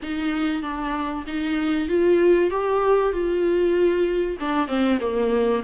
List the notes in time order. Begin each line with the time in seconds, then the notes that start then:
0.02 D#4
0.62 D4
1.27 D#4
1.88 F4
2.50 G4
3.12 F4
4.40 D4
4.67 C4
5.00 A#3